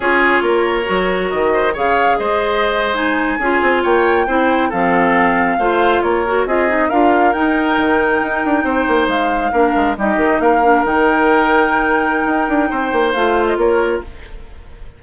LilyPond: <<
  \new Staff \with { instrumentName = "flute" } { \time 4/4 \tempo 4 = 137 cis''2. dis''4 | f''4 dis''4.~ dis''16 gis''4~ gis''16~ | gis''8. g''2 f''4~ f''16~ | f''4.~ f''16 cis''4 dis''4 f''16~ |
f''8. g''2.~ g''16~ | g''8. f''2 dis''4 f''16~ | f''8. g''2.~ g''16~ | g''2 f''8. dis''16 cis''4 | }
  \new Staff \with { instrumentName = "oboe" } { \time 4/4 gis'4 ais'2~ ais'8 c''8 | cis''4 c''2~ c''8. gis'16~ | gis'8. cis''4 c''4 a'4~ a'16~ | a'8. c''4 ais'4 gis'4 ais'16~ |
ais'2.~ ais'8. c''16~ | c''4.~ c''16 ais'4 g'4 ais'16~ | ais'1~ | ais'4 c''2 ais'4 | }
  \new Staff \with { instrumentName = "clarinet" } { \time 4/4 f'2 fis'2 | gis'2~ gis'8. dis'4 f'16~ | f'4.~ f'16 e'4 c'4~ c'16~ | c'8. f'4. fis'8 f'8 dis'8 f'16~ |
f'8. dis'2.~ dis'16~ | dis'4.~ dis'16 d'4 dis'4~ dis'16~ | dis'16 d'8 dis'2.~ dis'16~ | dis'2 f'2 | }
  \new Staff \with { instrumentName = "bassoon" } { \time 4/4 cis'4 ais4 fis4 dis4 | cis4 gis2~ gis8. cis'16~ | cis'16 c'8 ais4 c'4 f4~ f16~ | f8. a4 ais4 c'4 d'16~ |
d'8. dis'4 dis4 dis'8 d'8 c'16~ | c'16 ais8 gis4 ais8 gis8 g8 dis8 ais16~ | ais8. dis2.~ dis16 | dis'8 d'8 c'8 ais8 a4 ais4 | }
>>